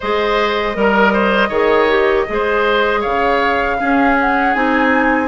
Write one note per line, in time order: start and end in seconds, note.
0.00 0.75 G#3
0.00 0.74 G#4
0.00 0.76 C5
0.00 3.02 D#5
0.74 1.49 G3
0.74 1.50 A#4
0.74 1.13 A#4
1.13 1.48 C5
1.48 2.25 D#3
1.48 1.88 G#4
1.48 2.24 C#5
1.88 2.26 G4
2.28 3.05 G#3
2.28 3.79 G#4
2.28 3.00 C5
3.00 3.81 C#3
3.00 3.76 C#5
3.00 4.16 F5
3.79 4.54 C#4
3.79 4.55 C#4
3.79 5.27 G#4
4.19 4.54 F#5
4.54 5.27 C4
4.54 5.27 D#4
4.54 5.27 G#5